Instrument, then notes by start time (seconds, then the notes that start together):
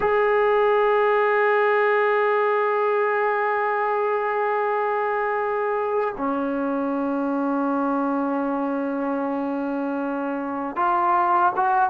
trombone
0.00 G#4
6.17 C#4
10.76 F4
11.56 F#4